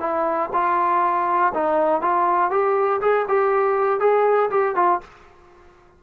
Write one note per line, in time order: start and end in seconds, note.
0.00 0.50 E4
0.53 1.53 F4
1.55 2.02 D#4
2.02 2.51 F4
2.51 3.01 G4
3.01 3.26 G#4
3.29 4.00 G4
4.00 4.50 G#4
4.50 4.75 G4
4.76 5.01 F4